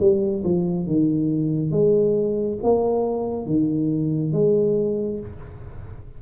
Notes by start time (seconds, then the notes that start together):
0.00 G3
0.45 F3
0.87 D#3
1.72 G#3
2.63 A#3
3.46 D#3
4.33 G#3